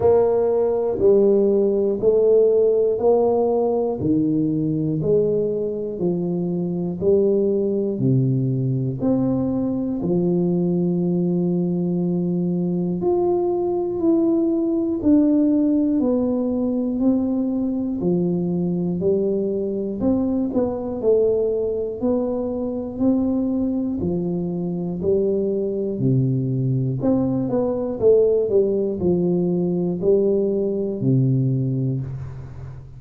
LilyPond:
\new Staff \with { instrumentName = "tuba" } { \time 4/4 \tempo 4 = 60 ais4 g4 a4 ais4 | dis4 gis4 f4 g4 | c4 c'4 f2~ | f4 f'4 e'4 d'4 |
b4 c'4 f4 g4 | c'8 b8 a4 b4 c'4 | f4 g4 c4 c'8 b8 | a8 g8 f4 g4 c4 | }